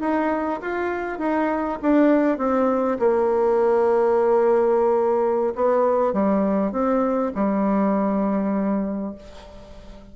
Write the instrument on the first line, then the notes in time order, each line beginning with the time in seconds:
bassoon
0.00 D#4
0.61 F4
1.19 D#4
1.82 D4
2.38 C4
2.99 A#3
5.55 B3
6.13 G3
6.72 C4
7.35 G3